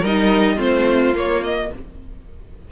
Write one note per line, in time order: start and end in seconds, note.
0.00 0.58 G3
0.00 0.56 D#4
0.00 0.55 A#4
0.00 0.58 D#5
0.55 1.14 A3
0.55 1.12 C4
0.55 1.67 F4
0.55 1.14 C5
1.14 1.70 A#3
1.14 1.43 C#5
1.43 1.71 D#5